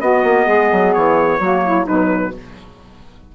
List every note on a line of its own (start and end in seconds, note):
0.00 0.23 B3
0.00 1.41 B3
0.00 0.46 F#4
0.00 0.93 D#5
0.23 0.46 A#3
0.46 0.71 G#3
0.46 1.39 G#4
0.72 0.95 F#3
0.93 1.39 E3
0.93 1.86 C#5
1.39 1.86 F#3
1.39 1.86 A#3
1.39 1.63 F#4
1.64 1.87 E4
1.86 2.35 B2
1.86 2.33 F#3
1.86 2.33 D#4
1.86 2.34 B4